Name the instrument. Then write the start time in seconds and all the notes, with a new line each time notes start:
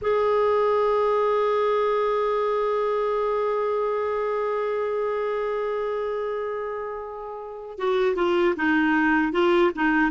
clarinet
0.01 G#4
7.78 F#4
8.15 F4
8.56 D#4
9.32 F4
9.75 D#4